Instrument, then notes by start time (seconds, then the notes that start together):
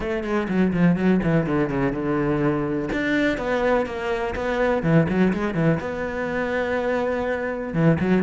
cello
0.00 A3
0.23 G#3
0.48 F#3
0.73 F3
0.96 F#3
1.23 E3
1.46 D3
1.69 C#3
1.92 D3
2.92 D4
3.37 B3
3.86 A#3
4.35 B3
4.83 E3
5.08 F#3
5.33 G#3
5.54 E3
5.80 B3
7.73 E3
8.00 F#3